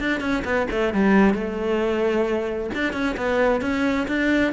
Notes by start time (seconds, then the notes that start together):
0.00 D4
0.21 C#4
0.45 B3
0.71 A3
0.94 G3
1.35 A3
2.75 D4
2.93 C#4
3.17 B3
3.62 C#4
4.08 D4